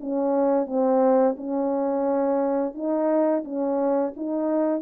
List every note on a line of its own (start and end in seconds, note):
0.00 0.66 C#4
0.66 1.35 C4
1.36 2.74 C#4
2.74 3.43 D#4
3.44 4.13 C#4
4.16 4.82 D#4